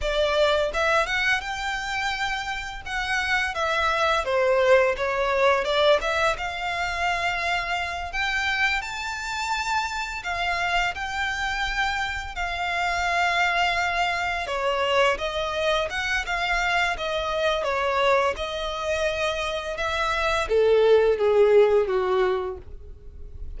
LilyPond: \new Staff \with { instrumentName = "violin" } { \time 4/4 \tempo 4 = 85 d''4 e''8 fis''8 g''2 | fis''4 e''4 c''4 cis''4 | d''8 e''8 f''2~ f''8 g''8~ | g''8 a''2 f''4 g''8~ |
g''4. f''2~ f''8~ | f''8 cis''4 dis''4 fis''8 f''4 | dis''4 cis''4 dis''2 | e''4 a'4 gis'4 fis'4 | }